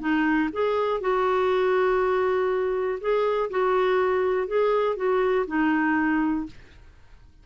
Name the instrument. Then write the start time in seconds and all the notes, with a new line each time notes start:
clarinet
0.00 D#4
0.53 G#4
1.01 F#4
3.01 G#4
3.50 F#4
4.48 G#4
4.97 F#4
5.47 D#4